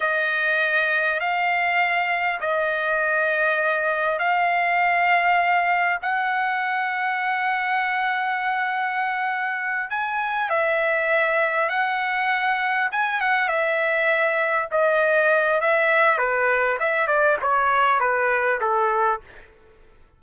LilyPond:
\new Staff \with { instrumentName = "trumpet" } { \time 4/4 \tempo 4 = 100 dis''2 f''2 | dis''2. f''4~ | f''2 fis''2~ | fis''1~ |
fis''8 gis''4 e''2 fis''8~ | fis''4. gis''8 fis''8 e''4.~ | e''8 dis''4. e''4 b'4 | e''8 d''8 cis''4 b'4 a'4 | }